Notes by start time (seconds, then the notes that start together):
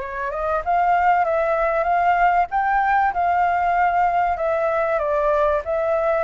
0.00 C#5
0.30 D#5
0.64 F5
1.24 E5
1.83 F5
2.50 G5
3.13 F5
4.37 E5
4.99 D5
5.64 E5